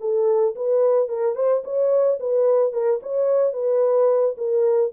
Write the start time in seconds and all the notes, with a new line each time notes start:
0.00 A4
0.55 B4
1.09 A#4
1.35 C5
1.64 C#5
2.20 B4
2.72 A#4
3.03 C#5
3.53 B4
4.37 A#4